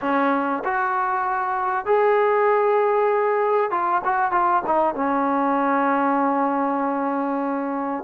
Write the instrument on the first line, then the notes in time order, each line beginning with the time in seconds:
trombone
0.01 C#4
0.64 F#4
1.85 G#4
3.70 F4
4.04 F#4
4.31 F4
4.66 D#4
4.94 C#4